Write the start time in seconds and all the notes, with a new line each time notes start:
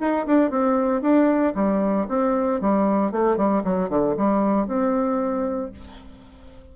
0.00 D#4
0.26 D4
0.51 C4
1.02 D4
1.55 G3
2.09 C4
2.61 G3
3.12 A3
3.37 G3
3.64 F#3
3.89 D3
4.17 G3
4.67 C4